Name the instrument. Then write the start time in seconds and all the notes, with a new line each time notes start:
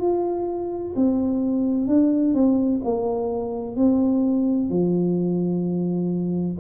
tuba
0.00 F4
0.96 C4
1.87 D4
2.34 C4
2.84 A#3
3.76 C4
4.69 F3